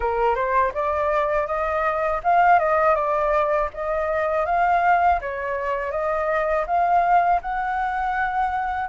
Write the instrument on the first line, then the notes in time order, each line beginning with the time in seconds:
flute
0.00 A#4
0.35 C5
0.74 D5
1.46 D#5
2.23 F5
2.59 D#5
2.95 D5
3.73 D#5
4.45 F5
5.20 C#5
5.91 D#5
6.67 F5
7.41 F#5